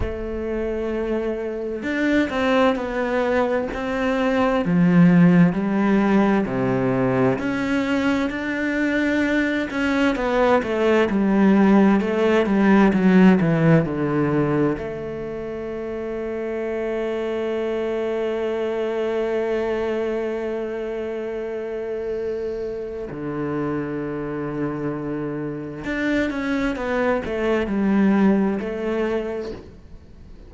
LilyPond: \new Staff \with { instrumentName = "cello" } { \time 4/4 \tempo 4 = 65 a2 d'8 c'8 b4 | c'4 f4 g4 c4 | cis'4 d'4. cis'8 b8 a8 | g4 a8 g8 fis8 e8 d4 |
a1~ | a1~ | a4 d2. | d'8 cis'8 b8 a8 g4 a4 | }